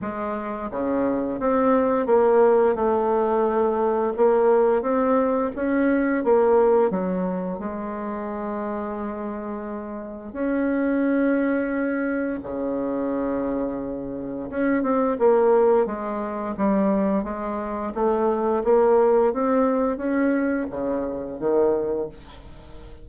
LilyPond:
\new Staff \with { instrumentName = "bassoon" } { \time 4/4 \tempo 4 = 87 gis4 cis4 c'4 ais4 | a2 ais4 c'4 | cis'4 ais4 fis4 gis4~ | gis2. cis'4~ |
cis'2 cis2~ | cis4 cis'8 c'8 ais4 gis4 | g4 gis4 a4 ais4 | c'4 cis'4 cis4 dis4 | }